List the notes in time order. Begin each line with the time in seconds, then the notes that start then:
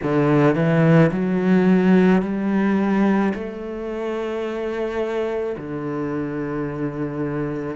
0.03 D3
0.55 E3
1.11 F#3
2.22 G3
3.33 A3
5.57 D3